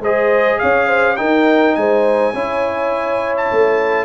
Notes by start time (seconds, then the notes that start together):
0.00 G#3 G#4 C5 D#5
0.60 C#4 C#5 F5
0.88 C5
1.17 D#4 A#4 G5
1.75 G#3 C5 G#5
2.34 C#4 E4 C#5
3.37 A5
3.52 A3